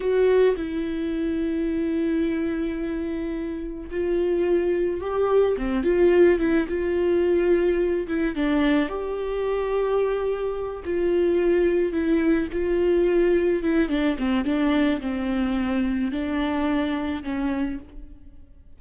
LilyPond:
\new Staff \with { instrumentName = "viola" } { \time 4/4 \tempo 4 = 108 fis'4 e'2.~ | e'2. f'4~ | f'4 g'4 c'8 f'4 e'8 | f'2~ f'8 e'8 d'4 |
g'2.~ g'8 f'8~ | f'4. e'4 f'4.~ | f'8 e'8 d'8 c'8 d'4 c'4~ | c'4 d'2 cis'4 | }